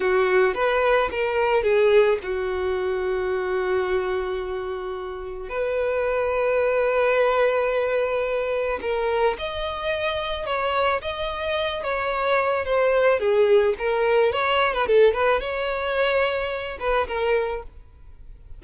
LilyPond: \new Staff \with { instrumentName = "violin" } { \time 4/4 \tempo 4 = 109 fis'4 b'4 ais'4 gis'4 | fis'1~ | fis'2 b'2~ | b'1 |
ais'4 dis''2 cis''4 | dis''4. cis''4. c''4 | gis'4 ais'4 cis''8. b'16 a'8 b'8 | cis''2~ cis''8 b'8 ais'4 | }